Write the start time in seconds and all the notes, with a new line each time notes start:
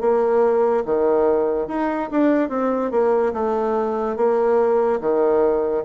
0.00 A#3
0.85 D#3
1.67 D#4
2.11 D4
2.49 C4
2.91 A#3
3.33 A3
4.16 A#3
5.00 D#3